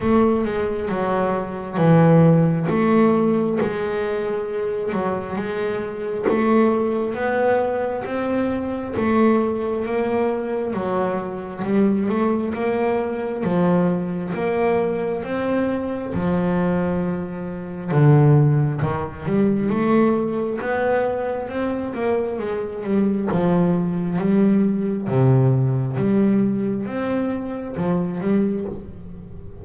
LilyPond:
\new Staff \with { instrumentName = "double bass" } { \time 4/4 \tempo 4 = 67 a8 gis8 fis4 e4 a4 | gis4. fis8 gis4 a4 | b4 c'4 a4 ais4 | fis4 g8 a8 ais4 f4 |
ais4 c'4 f2 | d4 dis8 g8 a4 b4 | c'8 ais8 gis8 g8 f4 g4 | c4 g4 c'4 f8 g8 | }